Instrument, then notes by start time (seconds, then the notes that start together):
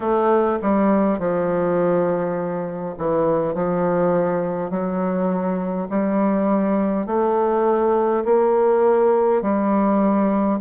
bassoon
0.00 A3
0.61 G3
1.18 F3
2.98 E3
3.54 F3
4.70 F#3
5.89 G3
7.06 A3
8.24 A#3
9.41 G3